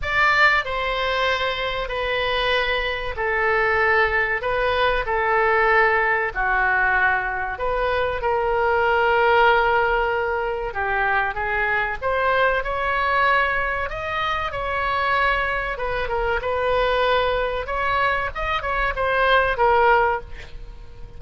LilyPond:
\new Staff \with { instrumentName = "oboe" } { \time 4/4 \tempo 4 = 95 d''4 c''2 b'4~ | b'4 a'2 b'4 | a'2 fis'2 | b'4 ais'2.~ |
ais'4 g'4 gis'4 c''4 | cis''2 dis''4 cis''4~ | cis''4 b'8 ais'8 b'2 | cis''4 dis''8 cis''8 c''4 ais'4 | }